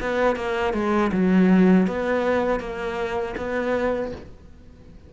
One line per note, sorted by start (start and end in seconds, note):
0.00 0.36 B3
0.36 0.73 A#3
0.73 1.11 G#3
1.12 1.86 F#3
1.86 2.60 B3
2.60 3.35 A#3
3.36 4.11 B3